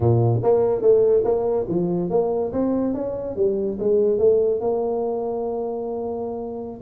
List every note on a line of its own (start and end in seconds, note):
0.00 0.40 A#2
0.42 0.81 A#3
0.81 1.23 A3
1.24 1.66 A#3
1.68 2.10 F3
2.10 2.52 A#3
2.52 2.94 C4
2.94 3.36 C#4
3.36 3.78 G3
3.79 4.18 G#3
4.18 4.60 A3
4.60 6.80 A#3